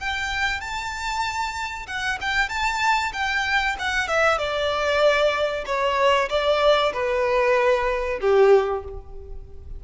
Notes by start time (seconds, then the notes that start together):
0.00 G5
0.61 A5
1.87 F#5
2.21 G5
2.49 A5
3.13 G5
3.80 F#5
4.08 E5
4.39 D5
5.66 C#5
6.30 D5
6.93 B4
8.21 G4